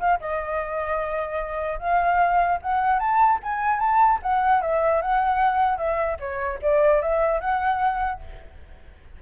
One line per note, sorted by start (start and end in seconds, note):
0.00 0.20 F5
0.20 1.79 D#5
1.79 2.59 F5
2.62 2.99 F#5
2.99 3.39 A5
3.43 3.80 G#5
3.80 4.20 A5
4.23 4.62 F#5
4.62 5.02 E5
5.02 5.78 F#5
5.78 6.18 E5
6.20 6.60 C#5
6.62 7.02 D5
7.03 7.41 E5
7.41 8.21 F#5